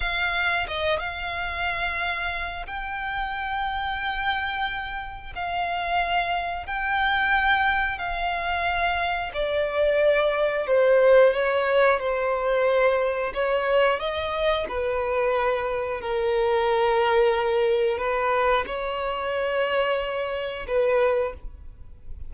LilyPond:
\new Staff \with { instrumentName = "violin" } { \time 4/4 \tempo 4 = 90 f''4 dis''8 f''2~ f''8 | g''1 | f''2 g''2 | f''2 d''2 |
c''4 cis''4 c''2 | cis''4 dis''4 b'2 | ais'2. b'4 | cis''2. b'4 | }